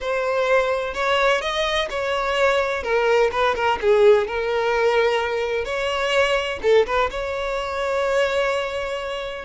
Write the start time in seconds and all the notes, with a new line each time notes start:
0.01 C5
0.94 C#5
1.41 D#5
1.90 C#5
2.83 A#4
3.31 B4
3.55 A#4
3.81 G#4
4.27 A#4
5.65 C#5
6.62 A4
6.86 B4
7.10 C#5